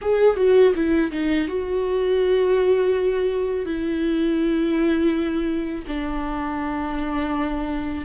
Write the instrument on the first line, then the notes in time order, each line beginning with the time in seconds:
viola
0.01 G#4
0.36 F#4
0.75 E4
1.11 D#4
1.47 F#4
3.65 E4
5.87 D4